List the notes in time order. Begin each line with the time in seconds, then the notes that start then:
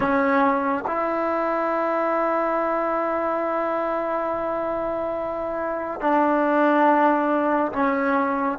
0.00 C#4
0.86 E4
6.00 D4
7.72 C#4